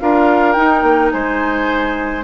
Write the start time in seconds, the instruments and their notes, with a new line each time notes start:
0.00 bassoon D4, clarinet F4, oboe A#4, flute F5
0.53 clarinet D#4, bassoon D#4, flute G5
0.83 bassoon A#3
1.12 bassoon G#3, oboe C5, flute G#5